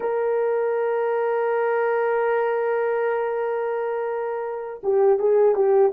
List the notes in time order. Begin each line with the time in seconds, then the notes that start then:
0.00 A#4
4.83 G4
5.19 G#4
5.55 G4